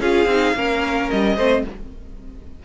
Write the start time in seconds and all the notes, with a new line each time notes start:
0.00 C#4 F4 G#4 F5
0.25 C4 D#4
0.54 A#3 C#4 A#4
1.10 G3 D#5
1.35 A3 C4 C5